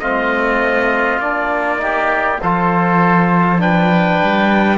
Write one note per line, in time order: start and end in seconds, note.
0.00 1.19 A3
0.00 1.22 C4
0.00 1.81 F4
0.00 1.20 D#5
1.19 2.39 A#3
1.19 1.78 D4
1.19 2.40 D5
1.78 2.38 D#4
1.78 2.42 G4
2.42 4.22 F3
2.42 3.58 F4
2.42 3.62 A4
2.42 3.62 C5
3.58 4.78 D4
3.58 4.78 B4
3.58 4.78 G5
4.22 4.78 G3